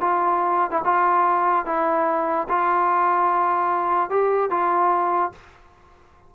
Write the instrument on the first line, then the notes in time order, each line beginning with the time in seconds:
trombone
0.00 F4
0.71 E4
0.84 F4
1.65 E4
2.49 F4
4.10 G4
4.50 F4